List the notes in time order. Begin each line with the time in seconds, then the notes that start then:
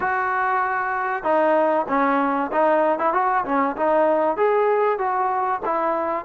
0.00 F#4
1.23 D#4
1.88 C#4
2.52 D#4
2.98 E4
3.13 F#4
3.44 C#4
3.76 D#4
4.36 G#4
4.98 F#4
5.65 E4